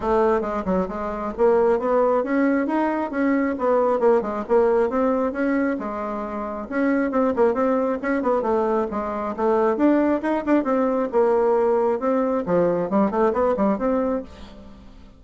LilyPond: \new Staff \with { instrumentName = "bassoon" } { \time 4/4 \tempo 4 = 135 a4 gis8 fis8 gis4 ais4 | b4 cis'4 dis'4 cis'4 | b4 ais8 gis8 ais4 c'4 | cis'4 gis2 cis'4 |
c'8 ais8 c'4 cis'8 b8 a4 | gis4 a4 d'4 dis'8 d'8 | c'4 ais2 c'4 | f4 g8 a8 b8 g8 c'4 | }